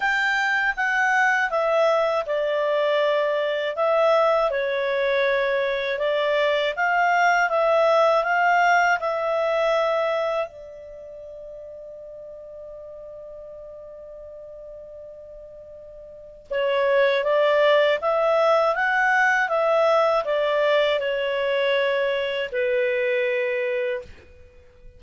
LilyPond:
\new Staff \with { instrumentName = "clarinet" } { \time 4/4 \tempo 4 = 80 g''4 fis''4 e''4 d''4~ | d''4 e''4 cis''2 | d''4 f''4 e''4 f''4 | e''2 d''2~ |
d''1~ | d''2 cis''4 d''4 | e''4 fis''4 e''4 d''4 | cis''2 b'2 | }